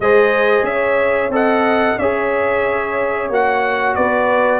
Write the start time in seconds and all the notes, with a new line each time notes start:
0.00 G#3 G#4 C5 D#5
0.62 C#4 C#5 E5
1.29 C4 A4 D#5
1.35 F#5
1.98 C#4 G#4 C#5 E5
3.29 A#3 F#4 F#5
3.95 B3 B4 D5